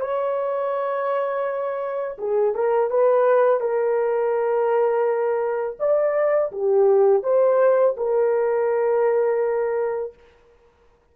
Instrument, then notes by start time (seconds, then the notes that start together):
horn
0.00 C#5
2.18 G#4
2.54 A#4
2.90 B4
3.60 A#4
5.79 D5
6.52 G4
7.23 C5
7.96 A#4